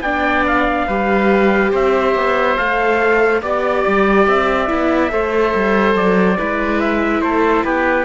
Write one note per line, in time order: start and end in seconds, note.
0.00 0.85 B3
0.00 0.89 D4
0.00 0.87 D5
0.00 0.44 G5
0.47 1.73 F5
0.87 1.72 G3
0.87 2.57 G4
0.87 1.71 B4
1.71 2.15 C4
1.71 3.40 C5
1.71 2.57 E5
2.15 2.57 B3
2.57 3.42 A3
2.57 3.42 A4
2.57 3.41 F5
3.41 3.84 B3
3.41 4.67 G4
3.41 4.26 D5
3.41 5.12 D5
3.87 4.27 G3
4.27 4.69 C4
4.27 5.96 E5
4.67 5.11 B3
4.67 5.10 E4
5.10 5.54 A3
5.10 6.36 A4
5.10 6.38 C5
5.54 5.95 G3
5.95 6.37 F#3
5.95 6.80 D5
6.36 7.21 G#3
6.36 8.04 E4
6.36 7.22 B4
6.80 7.21 E5
7.21 7.63 A3
7.21 7.64 A4
7.21 7.63 C5
7.64 8.04 B3
7.64 8.04 G4
7.64 8.04 B4